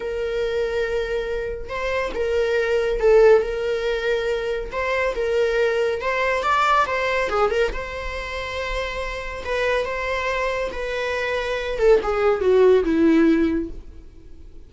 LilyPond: \new Staff \with { instrumentName = "viola" } { \time 4/4 \tempo 4 = 140 ais'1 | c''4 ais'2 a'4 | ais'2. c''4 | ais'2 c''4 d''4 |
c''4 gis'8 ais'8 c''2~ | c''2 b'4 c''4~ | c''4 b'2~ b'8 a'8 | gis'4 fis'4 e'2 | }